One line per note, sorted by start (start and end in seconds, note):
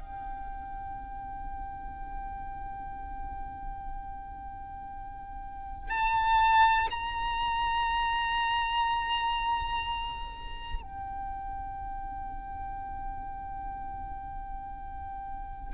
0.00 5.90 G5
5.90 6.89 A5
6.91 10.82 A#5
10.82 15.74 G5